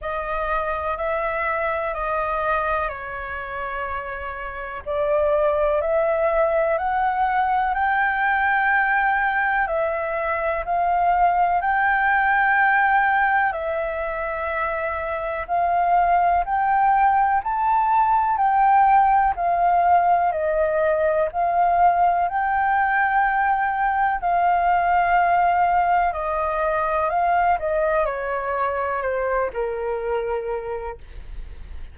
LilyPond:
\new Staff \with { instrumentName = "flute" } { \time 4/4 \tempo 4 = 62 dis''4 e''4 dis''4 cis''4~ | cis''4 d''4 e''4 fis''4 | g''2 e''4 f''4 | g''2 e''2 |
f''4 g''4 a''4 g''4 | f''4 dis''4 f''4 g''4~ | g''4 f''2 dis''4 | f''8 dis''8 cis''4 c''8 ais'4. | }